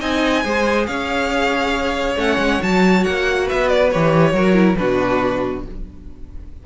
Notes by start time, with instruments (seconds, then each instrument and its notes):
0.00 cello C4, viola D#4, violin D#5 G#5
0.44 cello G#3, viola G#4, violin C5
0.86 cello C#4, violin C#5 F5
2.16 cello A3, viola C#4, violin F#5
2.38 cello G#3
2.61 cello F#3, viola F#4, violin A5
3.04 cello A#3, violin F#5
3.45 violin B4 E5
3.51 cello B3
3.69 violin D5
3.91 cello E3, viola G4, violin C#5
4.33 cello F#3, viola F#4, violin A#4
4.54 viola E4
4.76 cello B2, viola D4, violin F#4 B4